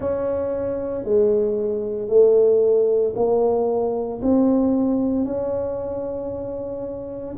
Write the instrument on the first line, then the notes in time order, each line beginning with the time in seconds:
tuba
0.00 C#4
1.03 G#3
2.08 A3
3.15 A#3
4.22 C4
5.25 C#4